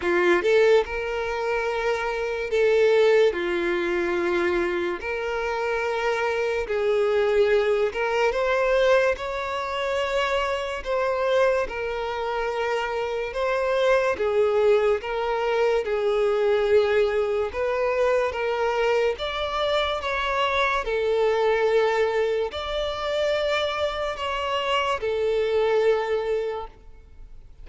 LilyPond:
\new Staff \with { instrumentName = "violin" } { \time 4/4 \tempo 4 = 72 f'8 a'8 ais'2 a'4 | f'2 ais'2 | gis'4. ais'8 c''4 cis''4~ | cis''4 c''4 ais'2 |
c''4 gis'4 ais'4 gis'4~ | gis'4 b'4 ais'4 d''4 | cis''4 a'2 d''4~ | d''4 cis''4 a'2 | }